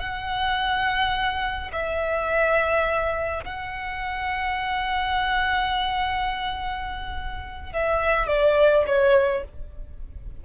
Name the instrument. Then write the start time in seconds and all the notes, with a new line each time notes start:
violin
0.00 F#5
1.73 E5
3.45 F#5
7.73 E5
8.28 D5
8.87 C#5